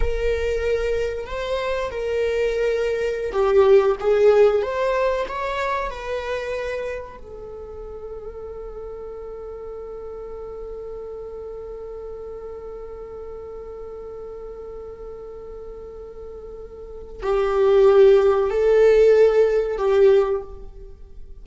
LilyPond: \new Staff \with { instrumentName = "viola" } { \time 4/4 \tempo 4 = 94 ais'2 c''4 ais'4~ | ais'4~ ais'16 g'4 gis'4 c''8.~ | c''16 cis''4 b'2 a'8.~ | a'1~ |
a'1~ | a'1~ | a'2. g'4~ | g'4 a'2 g'4 | }